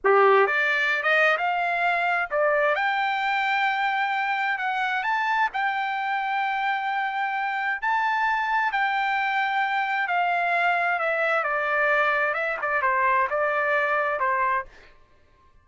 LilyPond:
\new Staff \with { instrumentName = "trumpet" } { \time 4/4 \tempo 4 = 131 g'4 d''4~ d''16 dis''8. f''4~ | f''4 d''4 g''2~ | g''2 fis''4 a''4 | g''1~ |
g''4 a''2 g''4~ | g''2 f''2 | e''4 d''2 e''8 d''8 | c''4 d''2 c''4 | }